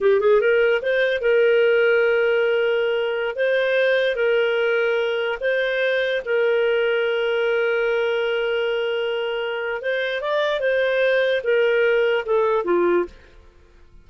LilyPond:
\new Staff \with { instrumentName = "clarinet" } { \time 4/4 \tempo 4 = 147 g'8 gis'8 ais'4 c''4 ais'4~ | ais'1~ | ais'16 c''2 ais'4.~ ais'16~ | ais'4~ ais'16 c''2 ais'8.~ |
ais'1~ | ais'1 | c''4 d''4 c''2 | ais'2 a'4 f'4 | }